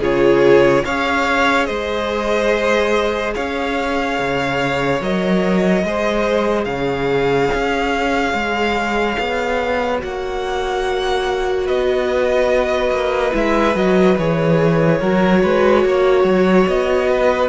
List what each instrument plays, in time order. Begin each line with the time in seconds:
0.00 cello C#3, viola F4, violin G#4 C#5
0.85 cello C#4, viola G#4, violin C#5 F5
1.65 cello G#3, violin C5 D#5
3.34 cello C#4, violin C#5 F5
4.19 cello C#3
5.01 cello F#3, viola A#4, violin D#5
5.83 cello G#3, viola G#4, violin C5
6.64 cello C#3, violin C#5 F5
7.54 cello C#4
8.33 cello G#3
9.19 cello B3
9.98 cello A#3, viola F#4, violin F#5
11.65 cello B3, violin B4 D#5
12.90 cello A#3
13.31 cello G#3, viola E4, violin E5
13.74 cello F#3, viola F#4, violin D#5
14.18 cello E3, viola G#4, violin C#5
14.99 cello F#3, viola F#4, violin A#4
15.43 cello G#3, violin B4
15.85 cello A#3, violin C#5
16.24 cello F#3
16.67 cello B3, violin D#5
17.09 violin B4